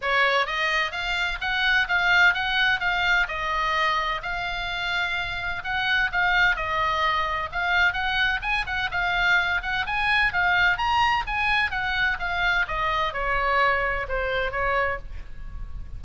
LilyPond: \new Staff \with { instrumentName = "oboe" } { \time 4/4 \tempo 4 = 128 cis''4 dis''4 f''4 fis''4 | f''4 fis''4 f''4 dis''4~ | dis''4 f''2. | fis''4 f''4 dis''2 |
f''4 fis''4 gis''8 fis''8 f''4~ | f''8 fis''8 gis''4 f''4 ais''4 | gis''4 fis''4 f''4 dis''4 | cis''2 c''4 cis''4 | }